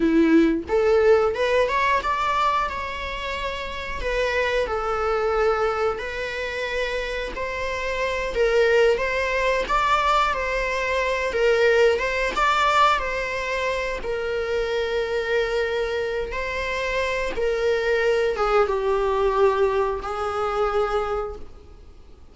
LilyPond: \new Staff \with { instrumentName = "viola" } { \time 4/4 \tempo 4 = 90 e'4 a'4 b'8 cis''8 d''4 | cis''2 b'4 a'4~ | a'4 b'2 c''4~ | c''8 ais'4 c''4 d''4 c''8~ |
c''4 ais'4 c''8 d''4 c''8~ | c''4 ais'2.~ | ais'8 c''4. ais'4. gis'8 | g'2 gis'2 | }